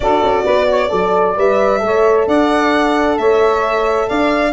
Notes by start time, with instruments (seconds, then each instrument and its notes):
0.00 tuba D4, horn F#4, saxophone A4, violin D5
0.22 tuba C#4
0.44 tuba B3, saxophone B4
0.70 saxophone C#5
0.89 tuba F#3, horn A4, saxophone D5
1.36 tuba G3, horn B4, violin E5
1.79 tuba A3, horn A4, saxophone C#5
2.27 tuba D4, saxophone D5, violin F#5
3.18 tuba A3, saxophone C#5, violin E5
4.07 tuba D4, saxophone D5, violin F5